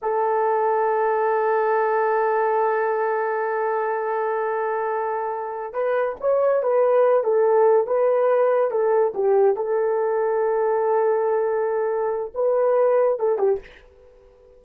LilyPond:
\new Staff \with { instrumentName = "horn" } { \time 4/4 \tempo 4 = 141 a'1~ | a'1~ | a'1~ | a'4. b'4 cis''4 b'8~ |
b'4 a'4. b'4.~ | b'8 a'4 g'4 a'4.~ | a'1~ | a'4 b'2 a'8 g'8 | }